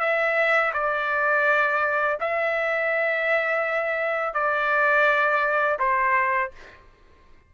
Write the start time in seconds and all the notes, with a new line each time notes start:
0.00 E5
0.74 D5
2.20 E5
4.34 D5
5.79 C5